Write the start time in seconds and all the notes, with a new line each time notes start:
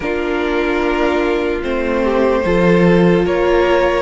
0.00 A#3 D4 F4 A#4
1.62 A3 C4 C5
2.03 G4
2.44 F3 F4 A4
3.25 A#3 A#4 C#5